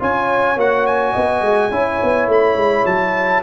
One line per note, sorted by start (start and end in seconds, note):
0.00 0.57 C#4
0.00 0.57 F4
0.00 1.13 C#5
0.00 0.60 G#5
0.57 1.14 A#3
0.57 1.72 F#4
0.57 0.87 F#5
0.87 2.30 G#5
1.13 1.42 B3
1.13 1.70 D#5
1.42 1.70 G#3
1.71 2.00 C#4
1.71 3.43 E4
1.71 3.43 C#5
2.04 2.28 B3
2.28 2.56 A3
2.28 2.86 B5
2.56 2.85 G#3
2.86 3.43 F#3
2.86 3.43 A5